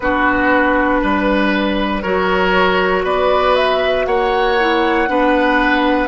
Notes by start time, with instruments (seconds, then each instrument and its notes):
0.00 bassoon B3, clarinet D4, oboe F#4, flute B4
1.01 bassoon G3, oboe B4
2.02 bassoon F#3, clarinet F#4, oboe A#4, flute C#5
3.03 bassoon B3, oboe B4, flute D5
3.55 flute E5
4.06 bassoon A#3, oboe C#5, flute F#5
4.59 clarinet E4
5.07 bassoon B3, clarinet D4, oboe B4